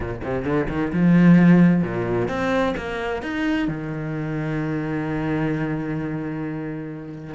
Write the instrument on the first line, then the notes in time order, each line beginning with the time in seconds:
cello
0.00 A#2
0.23 C3
0.44 D3
0.68 D#3
0.92 F3
1.82 A#2
2.28 C4
2.76 A#3
3.22 D#4
3.67 D#3